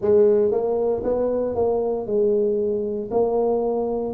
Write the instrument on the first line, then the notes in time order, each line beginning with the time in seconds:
tuba
0.01 G#3
0.51 A#3
1.03 B3
1.55 A#3
2.06 G#3
3.10 A#3